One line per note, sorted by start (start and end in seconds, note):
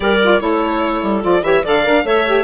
0.00 0.41 G3
0.00 0.19 G4
0.00 0.41 A#4
0.00 0.40 D5
0.22 0.40 F4
0.40 1.02 A3
0.40 1.22 E4
0.40 1.44 A4
0.40 1.22 C#5
1.02 1.23 G3
1.22 1.42 F3
1.22 1.42 F4
1.22 1.43 D5
1.42 1.62 E3
1.42 1.63 G4
1.42 1.63 C#5
1.42 1.64 E5
1.63 1.86 D3
1.63 1.83 A4
1.63 2.04 D5
1.63 2.06 F5
1.83 2.04 D4
1.83 2.04 A#4
2.04 2.44 A3
2.04 2.24 A4
2.04 2.44 C#5
2.04 2.44 E5
2.26 2.44 G4